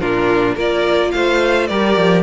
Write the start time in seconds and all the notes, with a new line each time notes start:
0.00 A#2 D4 F4 A#4
0.55 A#3 F4 A#4 D5
1.11 A3 C5 F5
1.67 G3 G4 A#4 D5
1.97 F3